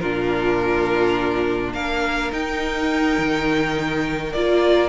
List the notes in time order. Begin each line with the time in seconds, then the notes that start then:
0.00 A#2 D4 F4 A#4
1.74 A#3 A#4 F5
2.32 D#4 G5
3.18 D#3
4.33 A#3 F4 D5